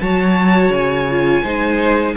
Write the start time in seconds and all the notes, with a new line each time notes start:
0.00 F#3 F#4 C#5 A5
0.69 C#3 G#5
1.10 F4
1.43 G#3 D#4 C5